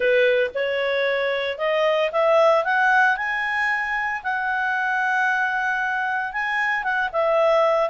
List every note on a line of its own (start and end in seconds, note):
0.00 0.50 B4
0.54 1.58 C#5
1.58 2.11 D#5
2.11 2.64 E5
2.64 3.17 F#5
3.17 4.22 G#5
4.23 6.32 F#5
6.32 6.83 G#5
6.83 7.09 F#5
7.12 7.89 E5